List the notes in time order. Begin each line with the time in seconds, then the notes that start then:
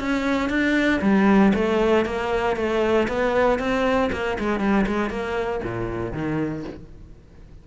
0.00 C#4
0.49 D4
1.01 G3
1.54 A3
2.06 A#3
2.56 A3
3.09 B3
3.59 C4
4.12 A#3
4.39 G#3
4.60 G3
4.87 G#3
5.10 A#3
5.64 A#2
6.13 D#3